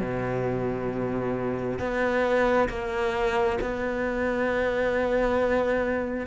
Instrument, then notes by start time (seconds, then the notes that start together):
cello
0.00 B2
1.79 B3
2.69 A#3
3.61 B3